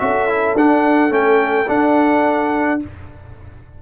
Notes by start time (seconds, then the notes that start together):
0.00 C#4 F#4 A4 E5
0.29 E4
0.55 D4 F#5
1.10 A3 C#4 G5
1.68 D4 F#5